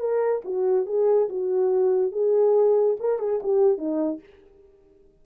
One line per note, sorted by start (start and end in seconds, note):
0.00 0.42 A#4
0.45 0.87 F#4
0.87 1.29 G#4
1.29 2.12 F#4
2.12 2.97 G#4
3.00 3.19 A#4
3.19 3.41 G#4
3.43 3.78 G4
3.78 4.20 D#4